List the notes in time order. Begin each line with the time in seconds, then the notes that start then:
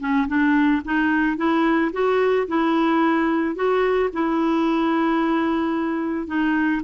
0.00 C#4
0.28 D4
0.85 D#4
1.37 E4
1.93 F#4
2.48 E4
3.55 F#4
4.13 E4
6.27 D#4